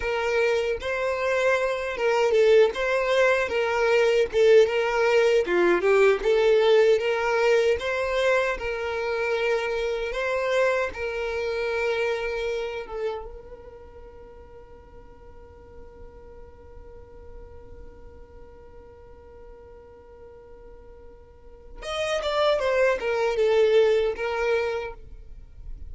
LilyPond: \new Staff \with { instrumentName = "violin" } { \time 4/4 \tempo 4 = 77 ais'4 c''4. ais'8 a'8 c''8~ | c''8 ais'4 a'8 ais'4 f'8 g'8 | a'4 ais'4 c''4 ais'4~ | ais'4 c''4 ais'2~ |
ais'8 a'8 ais'2.~ | ais'1~ | ais'1 | dis''8 d''8 c''8 ais'8 a'4 ais'4 | }